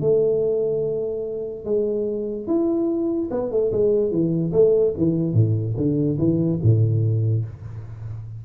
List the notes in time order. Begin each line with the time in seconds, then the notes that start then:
0.00 A3
1.64 G#3
2.47 E4
3.30 B3
3.51 A3
3.72 G#3
4.11 E3
4.52 A3
4.97 E3
5.33 A2
5.76 D3
6.18 E3
6.62 A2